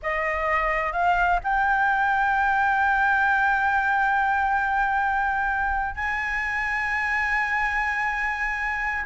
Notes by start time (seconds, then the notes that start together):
0.02 D#5
0.92 F5
1.43 G5
5.95 G#5